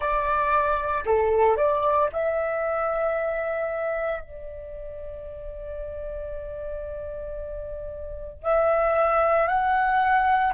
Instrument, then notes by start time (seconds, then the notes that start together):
flute
0.00 D5
1.05 A4
1.56 D5
2.12 E5
4.21 D5
8.43 E5
9.47 F#5